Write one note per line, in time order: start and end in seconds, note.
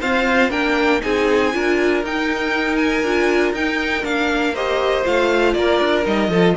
0.00 0.50 C4
0.00 0.51 F4
0.00 0.50 C5
0.00 0.51 F5
0.50 1.01 A#3
0.50 1.00 D4
0.50 1.01 A#4
0.50 1.01 G5
1.00 1.54 C4
1.00 1.51 D#4
1.00 1.54 G#4
1.00 2.03 G#5
1.53 2.03 D4
1.53 2.03 F4
1.53 4.54 A#4
2.03 3.03 D#4
2.03 3.04 D#4
2.03 2.76 G5
2.76 3.52 G#5
3.03 3.53 D4
3.03 3.55 F4
3.53 4.03 D#4
3.53 4.05 G5
4.03 5.05 A#3
4.03 4.54 D4
4.03 4.55 F5
4.54 5.04 G4
4.54 5.55 C5
4.54 5.06 D#5
5.04 5.55 A3
5.04 6.04 F4
5.04 5.54 F5
5.54 5.80 A#3
5.54 6.30 A#4
5.54 6.04 D5
5.80 6.05 D4
6.04 6.29 G3
6.04 6.30 D#4
6.04 6.57 D#5
6.29 6.54 F3
6.29 6.57 F4
6.29 6.55 A4